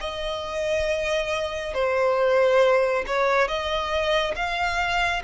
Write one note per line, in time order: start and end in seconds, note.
0.00 1.74 D#5
1.74 3.04 C5
3.07 3.48 C#5
3.48 4.35 D#5
4.35 5.22 F5